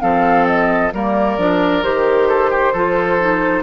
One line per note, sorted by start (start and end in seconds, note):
0.00 0.93 F3
0.00 0.91 C4
0.00 0.93 A4
0.00 0.46 F5
0.46 0.92 D#5
0.93 1.37 G3
0.93 1.38 A#3
0.93 2.28 A#4
0.93 1.83 D5
1.37 1.83 F3
1.37 1.83 D4
1.83 2.73 D#3
1.83 2.74 G4
1.83 3.62 C5
2.28 2.50 A4
2.50 2.72 G4
2.72 3.62 F3
2.72 3.20 F4
2.72 3.62 A4
3.20 3.62 D#4